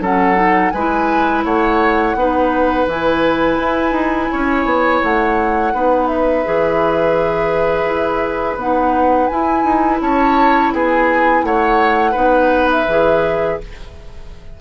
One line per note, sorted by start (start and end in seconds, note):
0.00 0.71 F#3
0.00 0.36 C#4
0.00 0.73 A4
0.00 0.71 F#5
0.36 0.71 D#4
0.71 1.45 G#3
0.71 1.45 B4
0.71 1.42 G#5
0.78 2.17 E4
1.45 2.15 A3
1.45 2.16 C#5
1.45 2.88 F#5
2.15 2.86 B3
2.15 2.89 D#4
2.15 4.31 B4
2.87 3.59 E3
2.87 5.74 E4
2.87 5.04 G#5
3.59 3.92 E4
3.92 4.27 D#4
4.31 4.65 C#4
4.31 5.74 C#5
4.65 5.01 B3
5.04 5.74 A3
5.04 6.07 F#5
5.74 6.45 B3
5.74 6.45 D#4
5.74 10.02 B4
6.07 8.57 E5
6.45 7.85 E3
6.45 8.59 G#4
7.85 8.56 E4
8.56 9.28 B3
8.56 9.31 D#4
8.56 9.27 F#5
9.27 12.14 E4
9.27 9.64 E4
9.27 9.99 G#5
9.64 10.00 D#4
10.01 10.72 C#4
10.01 10.74 C#5
10.01 10.73 A5
10.73 11.43 B3
10.73 11.45 G#4
10.73 11.45 G#5
11.43 12.15 A3
11.43 12.11 C#5
11.43 12.70 F#5
12.11 12.87 B3
12.11 12.85 D#4
12.11 13.54 B4
12.71 13.61 E5
12.88 13.60 E3
12.88 13.61 G#4